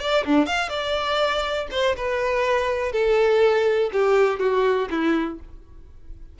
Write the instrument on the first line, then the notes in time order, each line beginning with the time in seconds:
violin
0.00 D5
0.25 D4
0.46 F5
0.69 D5
1.71 C5
1.97 B4
2.92 A4
3.93 G4
4.40 F#4
4.90 E4